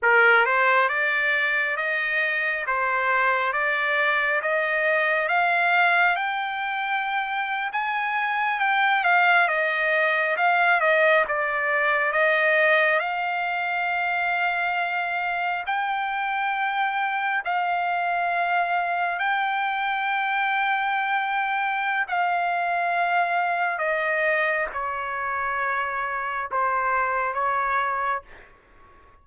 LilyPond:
\new Staff \with { instrumentName = "trumpet" } { \time 4/4 \tempo 4 = 68 ais'8 c''8 d''4 dis''4 c''4 | d''4 dis''4 f''4 g''4~ | g''8. gis''4 g''8 f''8 dis''4 f''16~ | f''16 dis''8 d''4 dis''4 f''4~ f''16~ |
f''4.~ f''16 g''2 f''16~ | f''4.~ f''16 g''2~ g''16~ | g''4 f''2 dis''4 | cis''2 c''4 cis''4 | }